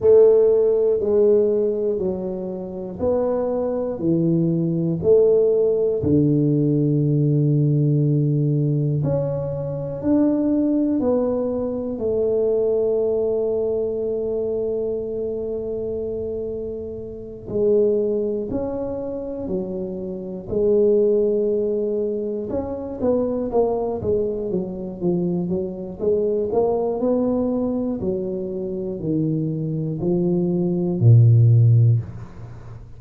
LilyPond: \new Staff \with { instrumentName = "tuba" } { \time 4/4 \tempo 4 = 60 a4 gis4 fis4 b4 | e4 a4 d2~ | d4 cis'4 d'4 b4 | a1~ |
a4. gis4 cis'4 fis8~ | fis8 gis2 cis'8 b8 ais8 | gis8 fis8 f8 fis8 gis8 ais8 b4 | fis4 dis4 f4 ais,4 | }